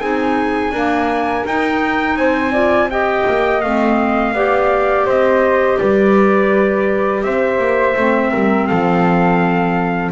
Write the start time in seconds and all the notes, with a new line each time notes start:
0.00 C4 D#4 G#4 G#5
0.71 A#3 D4 A#4
1.45 D#4 G5
2.16 C4 C5 G#5
2.52 F4 D5
2.90 G4 D#5 G5
3.28 A#3
3.61 A3 C4 F5
4.33 B3 G4 D5
5.06 C4 C5 D#5
5.79 G3 B4 D5
7.23 C4 C5 E5
7.58 A#3
7.96 A3 C4
8.31 G3 A#4
8.67 F3 A4 F5